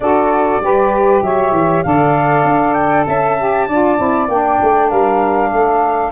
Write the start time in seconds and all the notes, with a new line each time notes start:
0.00 D4 F#4 A4 D5
0.60 G3 G4 B4
1.22 F#3 C#5 E5
1.52 E3
1.83 D3 A4 D5 F5
2.43 D4
2.73 G5
3.06 C#4 E5 A5
3.37 G4
3.67 D4 F4 D5
3.97 C4 E4
4.28 A#3 D4 G5
4.62 A3
4.88 G3 A#4 F5
5.52 A3 A4